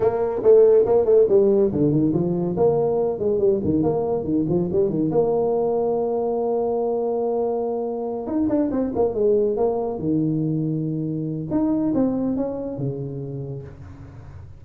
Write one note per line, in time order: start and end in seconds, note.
0.00 0.42 A#3
0.42 0.85 A3
0.85 1.05 A#3
1.05 1.26 A3
1.28 1.71 G3
1.72 1.91 D3
1.91 2.13 D#3
2.13 2.55 F3
2.56 3.19 A#3
3.19 3.38 G#3
3.38 3.60 G3
3.64 3.82 D#3
3.82 4.23 A#3
4.23 4.45 D#3
4.48 4.70 F3
4.72 4.89 G3
4.89 5.10 D#3
5.11 8.26 A#3
8.26 8.48 D#4
8.49 8.70 D4
8.71 8.92 C4
8.95 9.14 A#3
9.14 9.56 G#3
9.56 9.99 A#3
9.99 11.48 D#3
11.50 11.93 D#4
11.94 12.36 C4
12.36 12.77 C#4
12.77 13.62 C#3